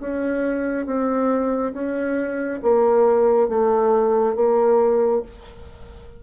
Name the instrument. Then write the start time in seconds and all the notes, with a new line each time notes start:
bassoon
0.00 C#4
0.86 C4
1.74 C#4
2.63 A#3
3.49 A3
4.36 A#3